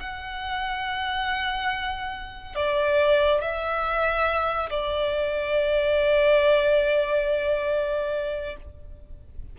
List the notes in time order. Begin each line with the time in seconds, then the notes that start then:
0.00 F#5
2.56 D5
3.41 E5
4.70 D5